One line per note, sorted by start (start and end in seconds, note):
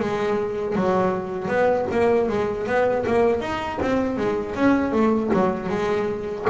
0.00 0.76 G#3
0.76 1.48 F#3
1.48 1.86 B3
1.92 2.29 A#3
2.29 2.67 G#3
2.67 3.05 B3
3.07 3.41 A#3
3.41 3.79 D#4
3.82 4.17 C4
4.17 4.55 G#3
4.55 4.92 C#4
4.92 5.30 A3
5.34 5.69 F#3
5.69 6.45 G#3